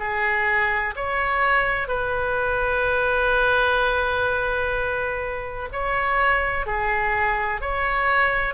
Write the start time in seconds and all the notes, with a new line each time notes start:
0.00 G#4
0.97 C#5
1.88 B4
5.73 C#5
6.67 G#4
7.62 C#5